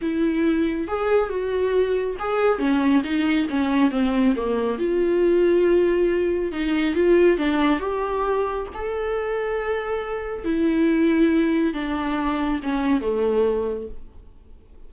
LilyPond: \new Staff \with { instrumentName = "viola" } { \time 4/4 \tempo 4 = 138 e'2 gis'4 fis'4~ | fis'4 gis'4 cis'4 dis'4 | cis'4 c'4 ais4 f'4~ | f'2. dis'4 |
f'4 d'4 g'2 | a'1 | e'2. d'4~ | d'4 cis'4 a2 | }